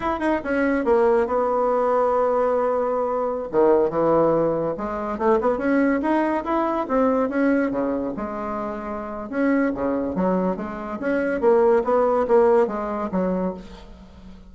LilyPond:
\new Staff \with { instrumentName = "bassoon" } { \time 4/4 \tempo 4 = 142 e'8 dis'8 cis'4 ais4 b4~ | b1~ | b16 dis4 e2 gis8.~ | gis16 a8 b8 cis'4 dis'4 e'8.~ |
e'16 c'4 cis'4 cis4 gis8.~ | gis2 cis'4 cis4 | fis4 gis4 cis'4 ais4 | b4 ais4 gis4 fis4 | }